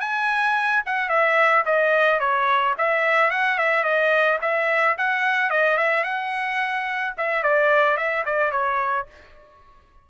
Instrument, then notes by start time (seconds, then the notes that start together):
trumpet
0.00 G#5
0.85 F#5
1.09 E5
1.65 D#5
2.19 C#5
2.77 E5
3.31 F#5
3.58 E5
3.83 D#5
4.41 E5
4.97 F#5
5.50 D#5
5.77 E5
6.04 F#5
7.17 E5
7.42 D5
7.96 E5
8.25 D5
8.51 C#5